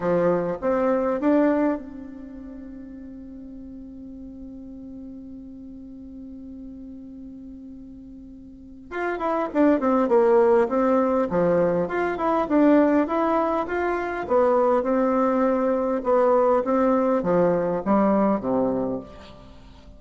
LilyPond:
\new Staff \with { instrumentName = "bassoon" } { \time 4/4 \tempo 4 = 101 f4 c'4 d'4 c'4~ | c'1~ | c'1~ | c'2. f'8 e'8 |
d'8 c'8 ais4 c'4 f4 | f'8 e'8 d'4 e'4 f'4 | b4 c'2 b4 | c'4 f4 g4 c4 | }